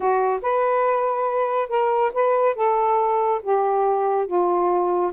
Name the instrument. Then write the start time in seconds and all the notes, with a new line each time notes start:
saxophone
0.00 F#4
0.41 B4
1.69 A#4
2.13 B4
2.55 A4
3.42 G4
4.26 F4